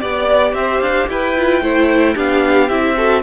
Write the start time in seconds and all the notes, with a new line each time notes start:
0.00 B3 G4 D5
0.54 C4 C5 E5
0.81 D4 F5
1.09 E4 B4 G5
1.37 F4
1.61 A3 E4 C5
2.14 B3 D4 G4 F5
2.69 C4 E4 E5
2.97 F#4 A4